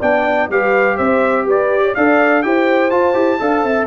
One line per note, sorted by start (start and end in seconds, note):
0.00 0.49 B3
0.00 0.51 D4
0.00 0.48 D5
0.00 0.50 G5
0.49 0.97 G3
0.49 1.96 G4
0.49 0.96 B4
0.49 0.97 F5
0.96 1.45 C4
0.96 1.45 C5
0.96 1.45 E5
1.45 1.93 G4
1.45 1.82 B4
1.45 1.95 D5
1.82 1.94 C#5
1.95 2.44 D4
1.95 2.43 A4
1.95 2.45 D5
1.95 2.42 F5
2.42 2.92 E4
2.42 2.90 G4
2.42 3.40 C5
2.42 2.90 G5
2.90 3.14 F4
2.90 3.87 A5
3.14 3.39 E4
3.14 3.38 G4
3.39 3.64 D4
3.39 3.87 A4
3.39 3.65 F5
3.64 3.87 C4
3.64 3.87 E5